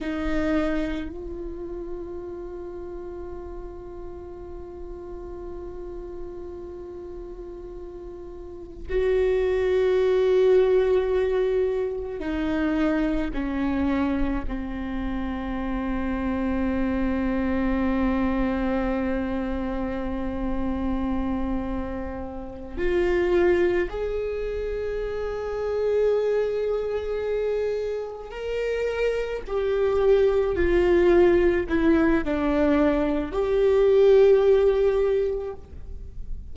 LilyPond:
\new Staff \with { instrumentName = "viola" } { \time 4/4 \tempo 4 = 54 dis'4 f'2.~ | f'1 | fis'2. dis'4 | cis'4 c'2.~ |
c'1~ | c'8 f'4 gis'2~ gis'8~ | gis'4. ais'4 g'4 f'8~ | f'8 e'8 d'4 g'2 | }